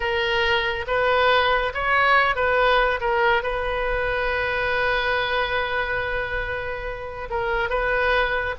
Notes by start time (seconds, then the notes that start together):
0.00 A#4
0.87 B4
1.74 C#5
2.35 B4
3.00 A#4
3.43 B4
7.30 A#4
7.69 B4